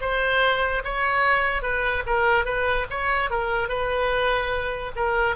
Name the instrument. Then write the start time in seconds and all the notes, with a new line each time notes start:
oboe
0.00 C5
0.84 C#5
1.62 B4
2.06 A#4
2.45 B4
2.90 C#5
3.30 A#4
3.68 B4
4.95 A#4